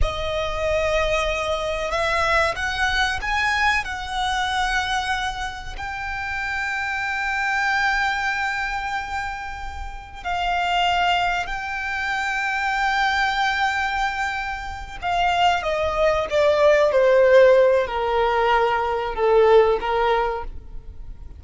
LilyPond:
\new Staff \with { instrumentName = "violin" } { \time 4/4 \tempo 4 = 94 dis''2. e''4 | fis''4 gis''4 fis''2~ | fis''4 g''2.~ | g''1 |
f''2 g''2~ | g''2.~ g''8 f''8~ | f''8 dis''4 d''4 c''4. | ais'2 a'4 ais'4 | }